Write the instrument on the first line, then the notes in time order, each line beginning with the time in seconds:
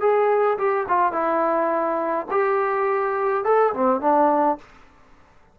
trombone
0.00 G#4
0.58 G4
0.88 F4
1.12 E4
2.31 G4
3.44 A4
3.73 C4
4.01 D4